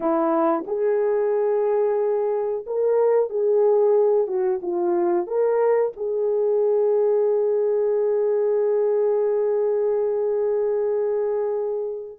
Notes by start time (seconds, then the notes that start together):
0.00 E4
0.67 G#4
2.66 A#4
3.29 G#4
4.27 F#4
4.62 F4
5.26 A#4
5.96 G#4